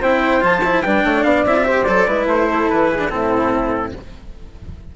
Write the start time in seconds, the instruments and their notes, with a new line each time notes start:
0.00 bassoon C4, cello E4, flute C5, trumpet G5
0.40 bassoon F3, cello F4, trumpet A5
0.64 cello E4
0.82 bassoon G3, cello D4, flute B4, trumpet G5
1.03 bassoon A3, flute C#5
1.23 bassoon B3, flute D5, trumpet F5
1.44 bassoon C4, cello E4, trumpet E5
1.56 cello F4
1.64 cello G4, flute C5
1.83 bassoon F#3, cello A4, trumpet D5
2.07 bassoon G#3, cello E4, flute B4
2.25 bassoon A3, trumpet C5
2.50 flute A4
2.69 bassoon E3, trumpet B4
2.90 flute G#4
2.98 cello D4
3.09 bassoon A2, cello C4, flute E4, trumpet A4